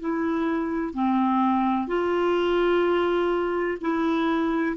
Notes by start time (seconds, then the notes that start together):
0.00 E4
0.94 C4
1.88 F4
3.81 E4